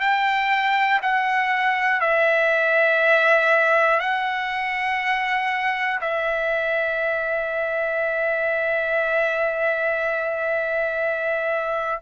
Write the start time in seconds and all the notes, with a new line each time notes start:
0.00 G5
1.02 F#5
2.01 E5
4.00 F#5
6.01 E5